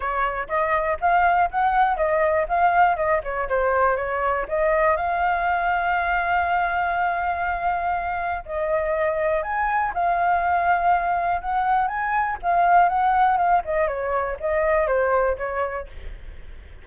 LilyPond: \new Staff \with { instrumentName = "flute" } { \time 4/4 \tempo 4 = 121 cis''4 dis''4 f''4 fis''4 | dis''4 f''4 dis''8 cis''8 c''4 | cis''4 dis''4 f''2~ | f''1~ |
f''4 dis''2 gis''4 | f''2. fis''4 | gis''4 f''4 fis''4 f''8 dis''8 | cis''4 dis''4 c''4 cis''4 | }